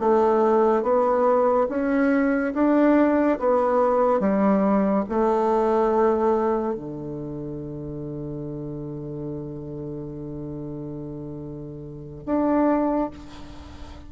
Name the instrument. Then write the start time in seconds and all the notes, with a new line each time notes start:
bassoon
0.00 A3
0.83 B3
1.69 C#4
2.54 D4
3.39 B3
4.20 G3
5.09 A3
6.75 D3
12.26 D4